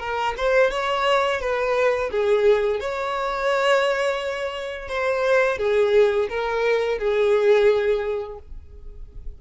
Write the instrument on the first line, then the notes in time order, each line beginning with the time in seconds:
violin
0.00 A#4
0.38 C5
0.71 C#5
1.41 B4
2.12 G#4
2.80 C#5
4.89 C5
5.58 G#4
6.29 A#4
6.99 G#4